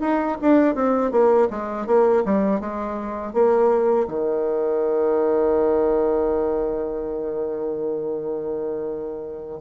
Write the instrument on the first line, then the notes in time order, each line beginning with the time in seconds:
bassoon
0.00 D#4
0.41 D4
0.74 C4
1.11 A#3
1.50 G#3
1.86 A#3
2.25 G3
2.60 G#3
3.33 A#3
4.07 D#3